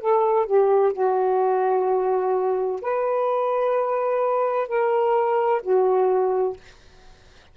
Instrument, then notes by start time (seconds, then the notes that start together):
saxophone
0.00 A4
0.46 G4
0.93 F#4
2.81 B4
4.68 A#4
5.62 F#4